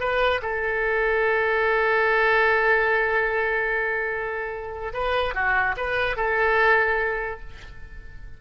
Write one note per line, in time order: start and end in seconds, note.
0.00 0.41 B4
0.42 4.93 A4
4.93 5.34 B4
5.35 5.76 F#4
5.77 6.17 B4
6.17 7.40 A4